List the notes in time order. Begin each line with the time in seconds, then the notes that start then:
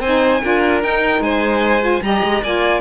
0.00 C4 D#4 C5 G#5
0.42 D4 F4 A#4
0.82 D#4 G5
1.20 G#3 C5 G#5
1.81 F4
2.02 G3 G4 D#5 A#5
2.23 G#3
2.43 A#3 F4 D5 G#5